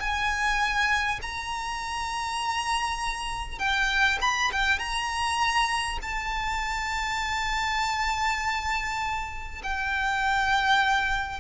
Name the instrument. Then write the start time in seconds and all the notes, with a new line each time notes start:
violin
0.00 G#5
1.23 A#5
3.59 G5
4.22 B5
4.52 G5
4.79 A#5
6.03 A5
9.64 G5